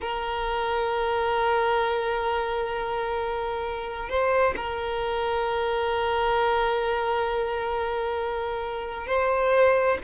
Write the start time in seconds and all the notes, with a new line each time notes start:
0.01 A#4
4.09 C5
4.56 A#4
9.07 C5